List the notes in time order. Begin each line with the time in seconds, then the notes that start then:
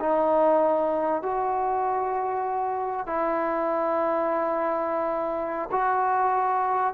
0.00 D#4
1.22 F#4
3.06 E4
5.72 F#4